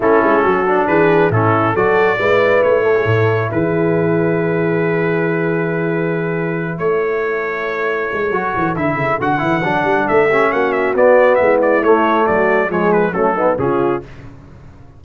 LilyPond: <<
  \new Staff \with { instrumentName = "trumpet" } { \time 4/4 \tempo 4 = 137 a'2 b'4 a'4 | d''2 cis''2 | b'1~ | b'2.~ b'8 cis''8~ |
cis''1 | e''4 fis''2 e''4 | fis''8 e''8 d''4 e''8 d''8 cis''4 | d''4 cis''8 b'8 a'4 gis'4 | }
  \new Staff \with { instrumentName = "horn" } { \time 4/4 e'4 fis'4 gis'4 e'4 | a'4 b'4. a'16 gis'16 a'4 | gis'1~ | gis'2.~ gis'8 a'8~ |
a'1~ | a'2.~ a'8 g'8 | fis'2 e'2 | fis'4 gis'4 cis'8 dis'8 f'4 | }
  \new Staff \with { instrumentName = "trombone" } { \time 4/4 cis'4. d'4. cis'4 | fis'4 e'2.~ | e'1~ | e'1~ |
e'2. fis'4 | e'4 fis'8 e'8 d'4. cis'8~ | cis'4 b2 a4~ | a4 gis4 a8 b8 cis'4 | }
  \new Staff \with { instrumentName = "tuba" } { \time 4/4 a8 gis8 fis4 e4 a,4 | fis4 gis4 a4 a,4 | e1~ | e2.~ e8 a8~ |
a2~ a8 gis8 fis8 e8 | d8 cis8 d8 e8 fis8 g8 a4 | ais4 b4 gis4 a4 | fis4 f4 fis4 cis4 | }
>>